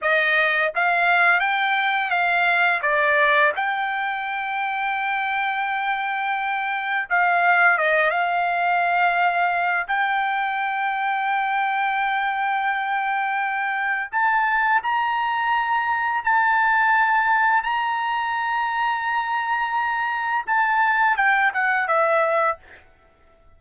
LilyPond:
\new Staff \with { instrumentName = "trumpet" } { \time 4/4 \tempo 4 = 85 dis''4 f''4 g''4 f''4 | d''4 g''2.~ | g''2 f''4 dis''8 f''8~ | f''2 g''2~ |
g''1 | a''4 ais''2 a''4~ | a''4 ais''2.~ | ais''4 a''4 g''8 fis''8 e''4 | }